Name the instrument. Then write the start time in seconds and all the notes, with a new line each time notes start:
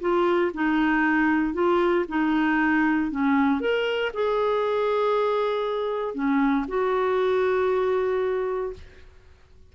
clarinet
0.00 F4
0.54 D#4
1.54 F4
2.08 D#4
3.11 C#4
3.60 A#4
4.13 G#4
6.14 C#4
6.68 F#4